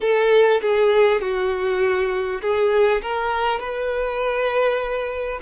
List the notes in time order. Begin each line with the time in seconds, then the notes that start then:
0.01 A4
0.61 G#4
1.21 F#4
2.41 G#4
3.02 A#4
3.59 B4